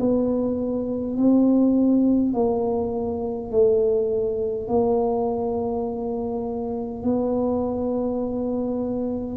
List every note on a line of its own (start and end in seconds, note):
0.00 1.17 B3
1.17 2.34 C4
2.34 3.51 A#3
3.51 4.68 A3
4.68 7.04 A#3
7.04 9.37 B3